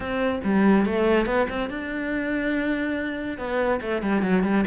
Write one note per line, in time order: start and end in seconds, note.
0.00 0.40 C4
0.44 0.85 G3
0.85 1.26 A3
1.26 1.47 B3
1.49 1.69 C4
1.69 3.38 D4
3.38 3.80 B3
3.81 4.01 A3
4.01 4.22 G3
4.22 4.43 F#3
4.43 4.64 G3